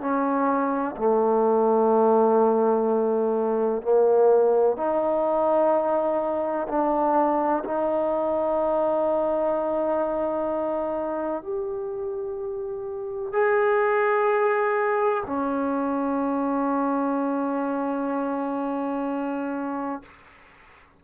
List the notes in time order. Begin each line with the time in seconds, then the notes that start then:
0.00 C#4
0.97 A3
3.82 A#3
4.76 D#4
6.68 D4
7.64 D#4
11.42 G4
13.32 G#4
15.26 C#4